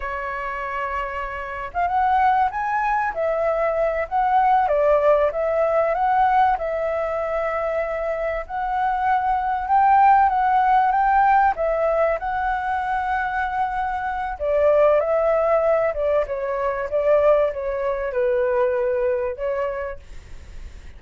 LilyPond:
\new Staff \with { instrumentName = "flute" } { \time 4/4 \tempo 4 = 96 cis''2~ cis''8. f''16 fis''4 | gis''4 e''4. fis''4 d''8~ | d''8 e''4 fis''4 e''4.~ | e''4. fis''2 g''8~ |
g''8 fis''4 g''4 e''4 fis''8~ | fis''2. d''4 | e''4. d''8 cis''4 d''4 | cis''4 b'2 cis''4 | }